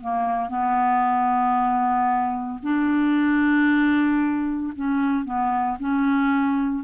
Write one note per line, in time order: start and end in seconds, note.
0.00 0.49 A#3
0.49 2.59 B3
2.62 4.73 D4
4.75 5.24 C#4
5.24 5.77 B3
5.79 6.84 C#4